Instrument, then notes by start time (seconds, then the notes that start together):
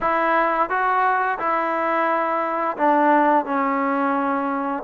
trombone
0.01 E4
0.69 F#4
1.38 E4
2.77 D4
3.45 C#4